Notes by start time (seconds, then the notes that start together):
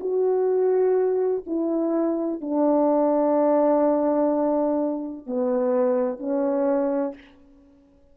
0.00 F#4
1.46 E4
2.41 D4
5.26 B3
6.19 C#4